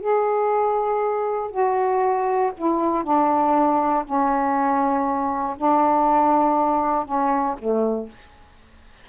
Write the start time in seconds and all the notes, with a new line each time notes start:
0.00 G#4
1.51 F#4
2.57 E4
3.03 D4
4.05 C#4
5.57 D4
7.05 C#4
7.59 A3